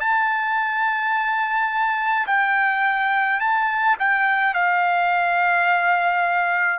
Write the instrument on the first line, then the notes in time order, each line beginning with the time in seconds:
trumpet
0.00 A5
2.27 G5
3.40 A5
3.99 G5
4.54 F5